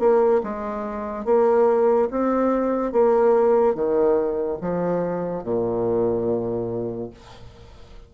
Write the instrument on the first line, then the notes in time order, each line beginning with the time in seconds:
bassoon
0.00 A#3
0.44 G#3
1.26 A#3
2.11 C4
2.93 A#3
3.75 D#3
4.62 F3
5.44 A#2